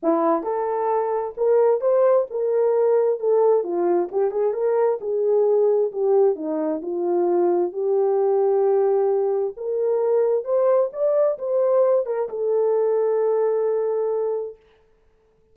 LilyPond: \new Staff \with { instrumentName = "horn" } { \time 4/4 \tempo 4 = 132 e'4 a'2 ais'4 | c''4 ais'2 a'4 | f'4 g'8 gis'8 ais'4 gis'4~ | gis'4 g'4 dis'4 f'4~ |
f'4 g'2.~ | g'4 ais'2 c''4 | d''4 c''4. ais'8 a'4~ | a'1 | }